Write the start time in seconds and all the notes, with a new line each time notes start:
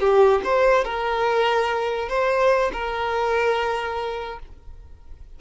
0.00 G4
0.44 C5
0.84 A#4
2.09 C5
2.73 A#4